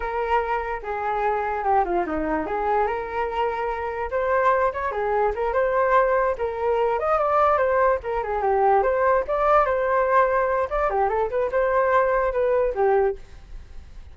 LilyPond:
\new Staff \with { instrumentName = "flute" } { \time 4/4 \tempo 4 = 146 ais'2 gis'2 | g'8 f'8 dis'4 gis'4 ais'4~ | ais'2 c''4. cis''8 | gis'4 ais'8 c''2 ais'8~ |
ais'4 dis''8 d''4 c''4 ais'8 | gis'8 g'4 c''4 d''4 c''8~ | c''2 d''8 g'8 a'8 b'8 | c''2 b'4 g'4 | }